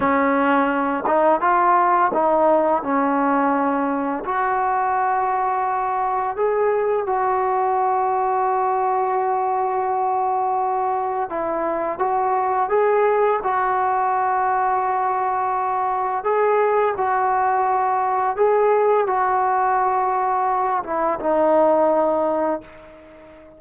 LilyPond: \new Staff \with { instrumentName = "trombone" } { \time 4/4 \tempo 4 = 85 cis'4. dis'8 f'4 dis'4 | cis'2 fis'2~ | fis'4 gis'4 fis'2~ | fis'1 |
e'4 fis'4 gis'4 fis'4~ | fis'2. gis'4 | fis'2 gis'4 fis'4~ | fis'4. e'8 dis'2 | }